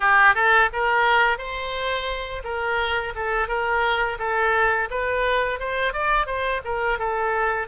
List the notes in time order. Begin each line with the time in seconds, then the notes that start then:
0.00 G4
0.34 A4
0.72 A#4
1.38 C5
2.44 A#4
3.15 A4
3.48 A#4
4.19 A4
4.90 B4
5.59 C5
5.93 D5
6.26 C5
6.64 A#4
6.98 A4